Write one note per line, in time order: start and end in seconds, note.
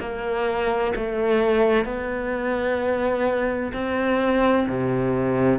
0.00 0.94 A#3
0.96 1.85 A3
1.85 3.72 B3
3.73 4.67 C4
4.69 5.59 C3